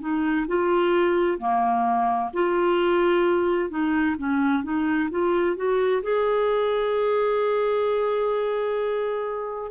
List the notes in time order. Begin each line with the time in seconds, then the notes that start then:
0.00 D#4
0.48 F4
1.38 A#3
2.34 F4
3.70 D#4
4.18 C#4
4.63 D#4
5.11 F4
5.56 F#4
6.03 G#4